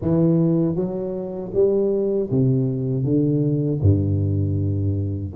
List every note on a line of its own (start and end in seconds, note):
0.01 0.75 E3
0.75 1.51 F#3
1.53 2.29 G3
2.30 3.04 C3
3.04 3.80 D3
3.81 5.33 G2